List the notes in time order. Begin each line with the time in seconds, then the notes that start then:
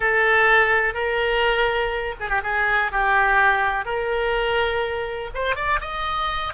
0.00 A4
0.94 A#4
2.20 G#4
2.29 G4
2.43 G#4
2.91 G4
3.85 A#4
5.34 C5
5.55 D5
5.80 D#5